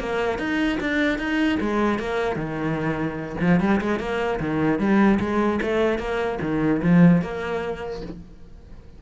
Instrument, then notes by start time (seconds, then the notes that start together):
cello
0.00 A#3
0.39 D#4
0.80 D4
1.19 D#4
1.61 G#3
1.99 A#3
2.36 D#3
3.41 F3
3.61 G3
3.81 G#3
4.00 A#3
4.40 D#3
4.79 G3
5.20 G#3
5.62 A3
5.99 A#3
6.41 D#3
6.83 F3
7.22 A#3